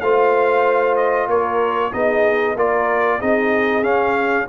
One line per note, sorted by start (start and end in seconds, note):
0.00 1.28 A3
0.00 1.92 F4
0.00 1.29 C5
0.00 0.96 F5
0.96 1.28 D#5
1.28 1.91 A#3
1.28 1.93 A#4
1.28 1.93 C#5
1.92 2.56 B3
1.92 2.56 D#4
1.92 2.56 G#4
1.92 2.57 D#5
2.56 3.20 A#3
2.56 3.20 F4
2.56 3.18 A#4
2.56 3.21 D5
3.18 3.84 C4
3.18 3.82 D#4
3.18 4.46 G#4
3.18 3.84 D#5
3.82 4.46 C#4
3.82 4.47 C#4
3.82 4.48 F5